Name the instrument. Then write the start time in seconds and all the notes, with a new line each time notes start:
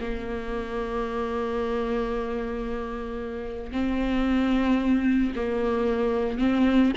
viola
0.00 A#3
3.72 C4
5.35 A#3
6.38 C4